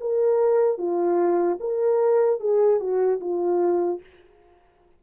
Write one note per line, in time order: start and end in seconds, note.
0.00 0.78 A#4
0.78 1.58 F4
1.60 2.40 A#4
2.40 2.80 G#4
2.80 3.20 F#4
3.20 4.00 F4